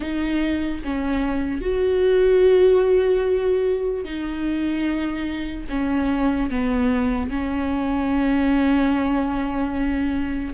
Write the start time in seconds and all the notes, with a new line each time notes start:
0.00 D#4
0.83 C#4
1.61 F#4
4.04 D#4
5.69 C#4
6.50 B3
7.30 C#4